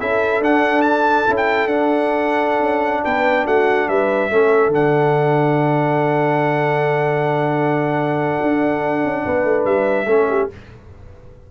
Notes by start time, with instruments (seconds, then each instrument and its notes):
0.00 tuba C#4, trombone E4, horn A4, trumpet E5
0.39 tuba D4, trombone D4, trumpet F#5
0.82 trumpet A5
1.27 tuba C#4, trombone E4
1.37 trumpet G5
1.67 tuba D4, trombone D4, trumpet F#5
2.60 tuba C#4
3.04 tuba B3, horn B4, trumpet G5
3.46 tuba A3, horn F#4, trumpet F#5
3.89 tuba G3, horn B4, trumpet E5
4.31 tuba A3, trombone C#4, horn A4
4.68 tuba D3, trombone D4
4.74 trumpet F#5
8.42 tuba D4
9.04 tuba C#4
9.25 tuba B3, horn B4
9.44 tuba A3
9.65 tuba G3, trumpet E5
10.06 tuba A3, trombone C#4, horn A4
10.30 horn G4